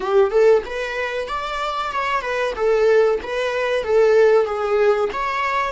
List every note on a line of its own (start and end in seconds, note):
0.00 0.30 G4
0.30 0.62 A4
0.65 1.28 B4
1.28 1.91 D5
1.91 2.21 C#5
2.21 2.53 B4
2.55 3.19 A4
3.22 3.83 B4
3.83 4.45 A4
4.45 5.09 G#4
5.12 5.72 C#5